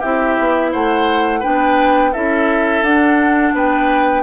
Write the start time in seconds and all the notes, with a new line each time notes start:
0.00 C4 E4 G4 E5
0.39 B3
0.73 A3 C5 F#5
1.40 B3 D4 B4 G5
2.13 C#4 E4 A4 E5
2.82 D4 F#5
3.54 B3 B4 G5